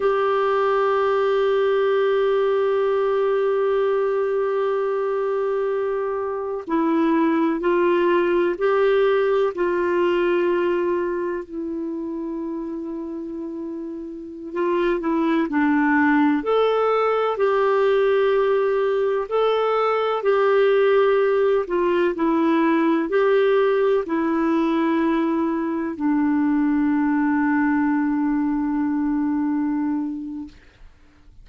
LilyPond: \new Staff \with { instrumentName = "clarinet" } { \time 4/4 \tempo 4 = 63 g'1~ | g'2. e'4 | f'4 g'4 f'2 | e'2.~ e'16 f'8 e'16~ |
e'16 d'4 a'4 g'4.~ g'16~ | g'16 a'4 g'4. f'8 e'8.~ | e'16 g'4 e'2 d'8.~ | d'1 | }